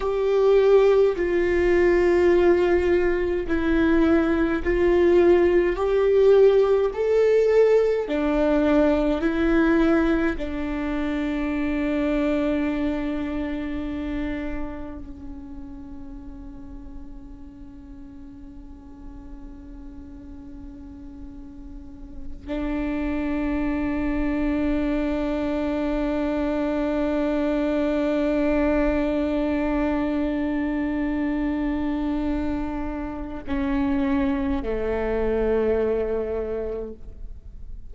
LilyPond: \new Staff \with { instrumentName = "viola" } { \time 4/4 \tempo 4 = 52 g'4 f'2 e'4 | f'4 g'4 a'4 d'4 | e'4 d'2.~ | d'4 cis'2.~ |
cis'2.~ cis'8 d'8~ | d'1~ | d'1~ | d'4 cis'4 a2 | }